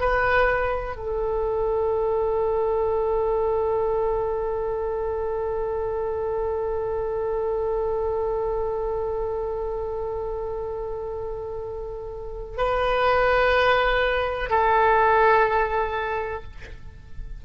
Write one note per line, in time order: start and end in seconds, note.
0.00 0.97 B4
0.97 12.58 A4
12.58 14.50 B4
14.50 16.44 A4